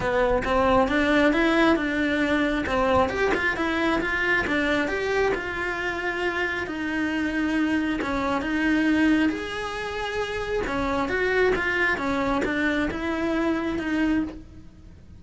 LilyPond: \new Staff \with { instrumentName = "cello" } { \time 4/4 \tempo 4 = 135 b4 c'4 d'4 e'4 | d'2 c'4 g'8 f'8 | e'4 f'4 d'4 g'4 | f'2. dis'4~ |
dis'2 cis'4 dis'4~ | dis'4 gis'2. | cis'4 fis'4 f'4 cis'4 | d'4 e'2 dis'4 | }